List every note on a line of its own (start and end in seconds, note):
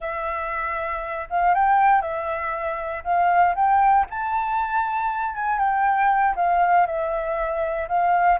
0.00 1.28 E5
1.29 1.54 F5
1.54 2.01 G5
2.01 3.03 E5
3.04 3.55 F5
3.55 4.06 G5
4.10 5.35 A5
5.35 5.58 G#5
5.58 6.34 G5
6.35 6.86 F5
6.86 7.88 E5
7.88 8.39 F5